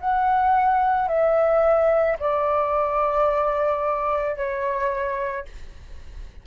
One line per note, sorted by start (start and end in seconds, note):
0.00 1.08 F#5
1.08 2.17 E5
2.20 4.36 D5
4.36 5.45 C#5